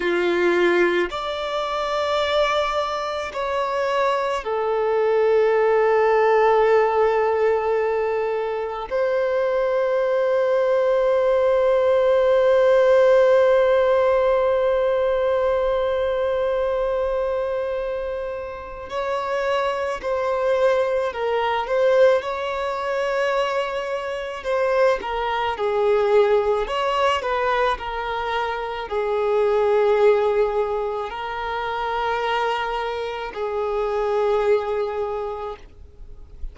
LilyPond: \new Staff \with { instrumentName = "violin" } { \time 4/4 \tempo 4 = 54 f'4 d''2 cis''4 | a'1 | c''1~ | c''1~ |
c''4 cis''4 c''4 ais'8 c''8 | cis''2 c''8 ais'8 gis'4 | cis''8 b'8 ais'4 gis'2 | ais'2 gis'2 | }